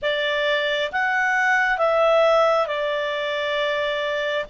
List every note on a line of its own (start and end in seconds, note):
0.02 0.91 D5
0.92 1.77 F#5
1.77 2.66 E5
2.66 4.45 D5